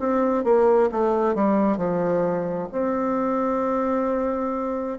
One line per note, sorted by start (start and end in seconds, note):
0.00 0.45 C4
0.45 0.90 A#3
0.92 1.35 A3
1.35 1.77 G3
1.77 2.68 F3
2.72 4.99 C4